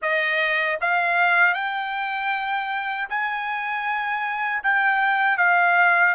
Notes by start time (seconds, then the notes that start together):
0.01 D#5
0.80 F5
1.54 G5
3.09 G#5
4.63 G5
5.37 F5